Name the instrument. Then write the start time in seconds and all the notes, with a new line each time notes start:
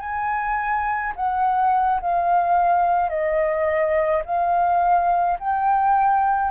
flute
0.00 G#5
1.16 F#5
2.01 F5
3.10 D#5
4.25 F5
5.39 G5